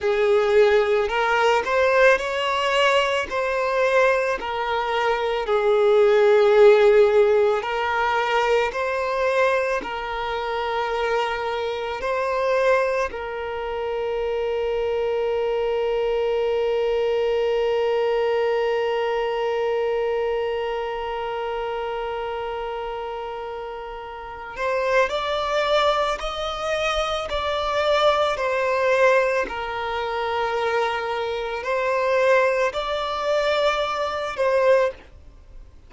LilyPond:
\new Staff \with { instrumentName = "violin" } { \time 4/4 \tempo 4 = 55 gis'4 ais'8 c''8 cis''4 c''4 | ais'4 gis'2 ais'4 | c''4 ais'2 c''4 | ais'1~ |
ais'1~ | ais'2~ ais'8 c''8 d''4 | dis''4 d''4 c''4 ais'4~ | ais'4 c''4 d''4. c''8 | }